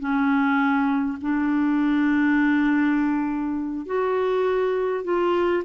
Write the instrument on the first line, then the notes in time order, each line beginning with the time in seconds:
clarinet
0.00 C#4
1.22 D4
3.86 F#4
5.04 F4